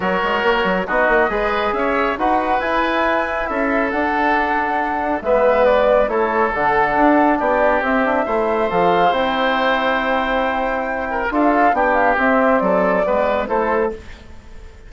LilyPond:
<<
  \new Staff \with { instrumentName = "flute" } { \time 4/4 \tempo 4 = 138 cis''2 dis''2 | e''4 fis''4 gis''2 | e''4 fis''2. | e''4 d''4 cis''4 fis''4~ |
fis''4 d''4 e''2 | f''4 g''2.~ | g''2 f''4 g''8 f''8 | e''4 d''2 c''4 | }
  \new Staff \with { instrumentName = "oboe" } { \time 4/4 ais'2 fis'4 b'4 | cis''4 b'2. | a'1 | b'2 a'2~ |
a'4 g'2 c''4~ | c''1~ | c''4. ais'8 a'4 g'4~ | g'4 a'4 b'4 a'4 | }
  \new Staff \with { instrumentName = "trombone" } { \time 4/4 fis'2 dis'4 gis'4~ | gis'4 fis'4 e'2~ | e'4 d'2. | b2 e'4 d'4~ |
d'2 c'8 d'8 e'4 | a'4 e'2.~ | e'2 f'4 d'4 | c'2 b4 e'4 | }
  \new Staff \with { instrumentName = "bassoon" } { \time 4/4 fis8 gis8 ais8 fis8 b8 ais8 gis4 | cis'4 dis'4 e'2 | cis'4 d'2. | gis2 a4 d4 |
d'4 b4 c'4 a4 | f4 c'2.~ | c'2 d'4 b4 | c'4 fis4 gis4 a4 | }
>>